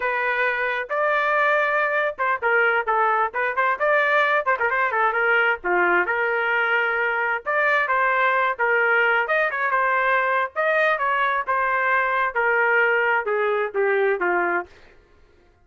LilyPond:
\new Staff \with { instrumentName = "trumpet" } { \time 4/4 \tempo 4 = 131 b'2 d''2~ | d''8. c''8 ais'4 a'4 b'8 c''16~ | c''16 d''4. c''16 ais'16 c''8 a'8 ais'8.~ | ais'16 f'4 ais'2~ ais'8.~ |
ais'16 d''4 c''4. ais'4~ ais'16~ | ais'16 dis''8 cis''8 c''4.~ c''16 dis''4 | cis''4 c''2 ais'4~ | ais'4 gis'4 g'4 f'4 | }